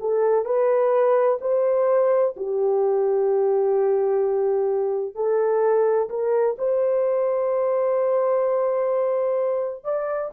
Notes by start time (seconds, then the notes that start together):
0.00 A4
0.45 B4
1.41 C5
2.37 G4
5.15 A4
6.09 A#4
6.58 C5
9.84 D5